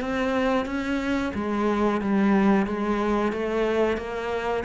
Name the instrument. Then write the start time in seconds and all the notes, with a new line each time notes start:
cello
0.00 C4
0.65 C#4
1.34 G#3
2.01 G3
2.66 G#3
3.32 A3
3.97 A#3